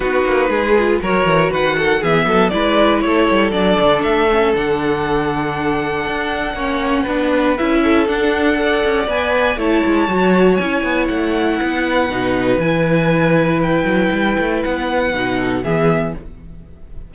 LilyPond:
<<
  \new Staff \with { instrumentName = "violin" } { \time 4/4 \tempo 4 = 119 b'2 cis''4 fis''4 | e''4 d''4 cis''4 d''4 | e''4 fis''2.~ | fis''2. e''4 |
fis''2 gis''4 a''4~ | a''4 gis''4 fis''2~ | fis''4 gis''2 g''4~ | g''4 fis''2 e''4 | }
  \new Staff \with { instrumentName = "violin" } { \time 4/4 fis'4 gis'4 ais'4 b'8 a'8 | gis'8 a'8 b'4 a'2~ | a'1~ | a'4 cis''4 b'4. a'8~ |
a'4 d''2 cis''4~ | cis''2. b'4~ | b'1~ | b'2~ b'8 a'8 gis'4 | }
  \new Staff \with { instrumentName = "viola" } { \time 4/4 dis'4. f'8 fis'2 | b4 e'2 d'4~ | d'8 cis'8 d'2.~ | d'4 cis'4 d'4 e'4 |
d'4 a'4 b'4 e'4 | fis'4 e'2. | dis'4 e'2.~ | e'2 dis'4 b4 | }
  \new Staff \with { instrumentName = "cello" } { \time 4/4 b8 ais8 gis4 fis8 e8 dis4 | e8 fis8 gis4 a8 g8 fis8 d8 | a4 d2. | d'4 ais4 b4 cis'4 |
d'4. cis'8 b4 a8 gis8 | fis4 cis'8 b8 a4 b4 | b,4 e2~ e8 fis8 | g8 a8 b4 b,4 e4 | }
>>